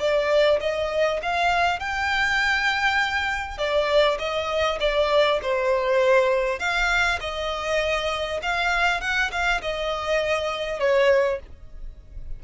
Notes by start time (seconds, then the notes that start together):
0.00 D5
0.61 D#5
1.23 F5
1.80 G5
3.58 D5
4.19 D#5
4.81 D5
5.43 C5
6.60 F5
7.21 D#5
8.43 F5
9.01 F#5
9.32 F5
9.62 D#5
10.80 C#5